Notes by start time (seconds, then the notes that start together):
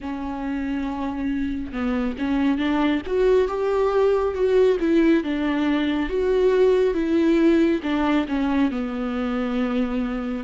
0.00 C#4
1.72 B3
2.18 C#4
2.58 D4
3.06 F#4
3.48 G4
4.34 F#4
4.79 E4
5.23 D4
6.09 F#4
6.94 E4
7.83 D4
8.28 C#4
8.71 B3